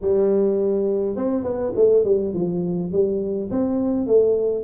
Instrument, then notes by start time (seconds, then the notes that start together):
tuba
0.01 G3
1.15 C4
1.43 B3
1.76 A3
2.04 G3
2.33 F3
2.92 G3
3.50 C4
4.06 A3